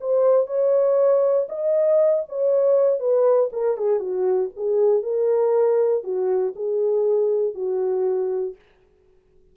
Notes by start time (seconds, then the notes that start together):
0.00 C5
0.47 C#5
1.49 D#5
2.28 C#5
2.99 B4
3.52 A#4
3.77 G#4
3.99 F#4
4.56 G#4
5.03 A#4
6.03 F#4
6.55 G#4
7.54 F#4